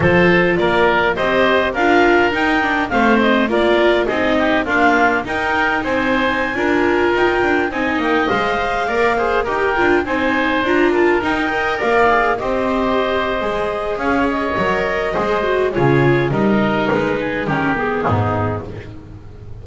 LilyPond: <<
  \new Staff \with { instrumentName = "clarinet" } { \time 4/4 \tempo 4 = 103 c''4 d''4 dis''4 f''4 | g''4 f''8 dis''8 d''4 dis''4 | f''4 g''4 gis''2~ | gis''16 g''4 gis''8 g''8 f''4.~ f''16~ |
f''16 g''4 gis''4 ais''8 a''8 g''8.~ | g''16 f''4 dis''2~ dis''8. | f''8 dis''2~ dis''8 cis''4 | dis''4 b'4 ais'8 gis'4. | }
  \new Staff \with { instrumentName = "oboe" } { \time 4/4 a'4 ais'4 c''4 ais'4~ | ais'4 c''4 ais'4 gis'8 g'8 | f'4 ais'4 c''4~ c''16 ais'8.~ | ais'4~ ais'16 dis''2 d''8 c''16~ |
c''16 ais'4 c''4. ais'4 dis''16~ | dis''16 d''4 c''2~ c''8. | cis''2 c''4 gis'4 | ais'4. gis'8 g'4 dis'4 | }
  \new Staff \with { instrumentName = "viola" } { \time 4/4 f'2 g'4 f'4 | dis'8 d'8 c'4 f'4 dis'4 | ais4 dis'2~ dis'16 f'8.~ | f'4~ f'16 dis'4 c''4 ais'8 gis'16~ |
gis'16 g'8 f'8 dis'4 f'4 dis'8 ais'16~ | ais'8. gis'8 g'4.~ g'16 gis'4~ | gis'4 ais'4 gis'8 fis'8 f'4 | dis'2 cis'8 b4. | }
  \new Staff \with { instrumentName = "double bass" } { \time 4/4 f4 ais4 c'4 d'4 | dis'4 a4 ais4 c'4 | d'4 dis'4 c'4~ c'16 d'8.~ | d'16 dis'8 d'8 c'8 ais8 gis4 ais8.~ |
ais16 dis'8 d'8 c'4 d'4 dis'8.~ | dis'16 ais4 c'4.~ c'16 gis4 | cis'4 fis4 gis4 cis4 | g4 gis4 dis4 gis,4 | }
>>